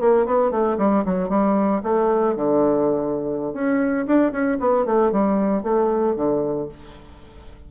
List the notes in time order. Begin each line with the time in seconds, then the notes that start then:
0.00 A#3
0.25 B3
0.51 A3
0.78 G3
1.05 F#3
1.29 G3
1.83 A3
2.36 D3
3.53 C#4
4.06 D4
4.31 C#4
4.60 B3
4.85 A3
5.12 G3
5.63 A3
6.16 D3